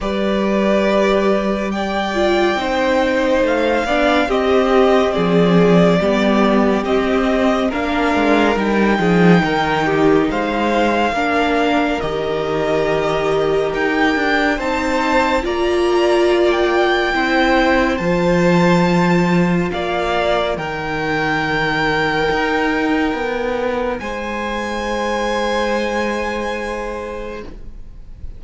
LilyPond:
<<
  \new Staff \with { instrumentName = "violin" } { \time 4/4 \tempo 4 = 70 d''2 g''2 | f''4 dis''4 d''2 | dis''4 f''4 g''2 | f''2 dis''2 |
g''4 a''4 ais''4~ ais''16 g''8.~ | g''4 a''2 f''4 | g''1 | gis''1 | }
  \new Staff \with { instrumentName = "violin" } { \time 4/4 b'2 d''4 c''4~ | c''8 d''8 g'4 gis'4 g'4~ | g'4 ais'4. gis'8 ais'8 g'8 | c''4 ais'2.~ |
ais'4 c''4 d''2 | c''2. d''4 | ais'1 | c''1 | }
  \new Staff \with { instrumentName = "viola" } { \time 4/4 g'2~ g'8 f'8 dis'4~ | dis'8 d'8 c'2 b4 | c'4 d'4 dis'2~ | dis'4 d'4 g'2~ |
g'4 dis'4 f'2 | e'4 f'2. | dis'1~ | dis'1 | }
  \new Staff \with { instrumentName = "cello" } { \time 4/4 g2. c'4 | a8 b8 c'4 f4 g4 | c'4 ais8 gis8 g8 f8 dis4 | gis4 ais4 dis2 |
dis'8 d'8 c'4 ais2 | c'4 f2 ais4 | dis2 dis'4 b4 | gis1 | }
>>